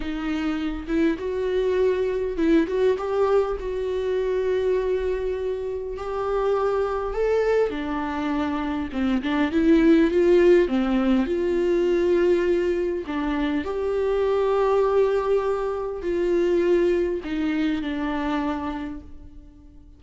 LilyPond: \new Staff \with { instrumentName = "viola" } { \time 4/4 \tempo 4 = 101 dis'4. e'8 fis'2 | e'8 fis'8 g'4 fis'2~ | fis'2 g'2 | a'4 d'2 c'8 d'8 |
e'4 f'4 c'4 f'4~ | f'2 d'4 g'4~ | g'2. f'4~ | f'4 dis'4 d'2 | }